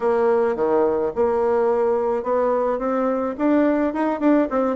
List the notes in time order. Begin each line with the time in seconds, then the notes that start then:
0.00 A#3
0.55 D#3
1.15 A#3
2.23 B3
2.79 C4
3.38 D4
3.93 D#4
4.20 D4
4.50 C4